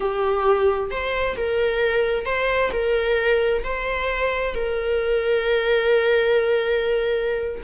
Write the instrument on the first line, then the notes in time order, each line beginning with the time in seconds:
viola
0.00 G4
0.90 C5
1.36 A#4
2.25 C5
2.72 A#4
3.63 C5
4.55 A#4